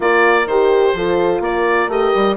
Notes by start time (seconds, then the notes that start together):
0.00 A#3 F4 A#4 D5
0.46 D#3 G4 C5
0.94 F3 F4 A4
1.40 A#3 A#4 D5
1.88 A3 G4 D#5
2.14 G3